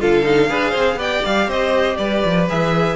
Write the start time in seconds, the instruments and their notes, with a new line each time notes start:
0.00 cello D3, viola F4, violin A4 F5
0.23 viola D#4
0.49 cello D4, viola G#4, violin B4
0.70 cello C4, violin C5
0.96 cello B3, viola G4, violin D5 G5
1.25 cello G3, violin F5
1.47 cello C4, violin C5 D#5
1.97 cello G3, violin B4 D5
2.25 cello F3
2.49 cello E3, viola G#4, violin E5